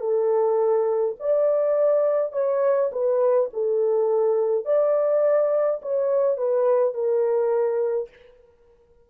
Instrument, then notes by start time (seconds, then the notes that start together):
horn
0.00 A4
1.20 D5
2.33 C#5
2.92 B4
3.53 A4
4.65 D5
5.82 C#5
6.38 B4
6.94 A#4